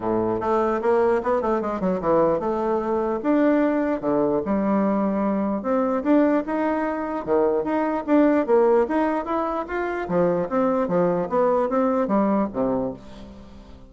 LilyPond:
\new Staff \with { instrumentName = "bassoon" } { \time 4/4 \tempo 4 = 149 a,4 a4 ais4 b8 a8 | gis8 fis8 e4 a2 | d'2 d4 g4~ | g2 c'4 d'4 |
dis'2 dis4 dis'4 | d'4 ais4 dis'4 e'4 | f'4 f4 c'4 f4 | b4 c'4 g4 c4 | }